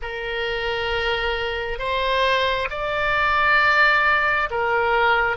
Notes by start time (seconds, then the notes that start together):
0.02 A#4
1.78 C5
2.70 D5
4.50 A#4